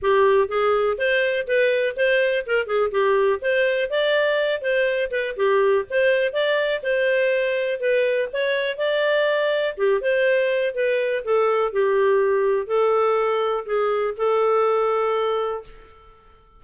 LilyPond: \new Staff \with { instrumentName = "clarinet" } { \time 4/4 \tempo 4 = 123 g'4 gis'4 c''4 b'4 | c''4 ais'8 gis'8 g'4 c''4 | d''4. c''4 b'8 g'4 | c''4 d''4 c''2 |
b'4 cis''4 d''2 | g'8 c''4. b'4 a'4 | g'2 a'2 | gis'4 a'2. | }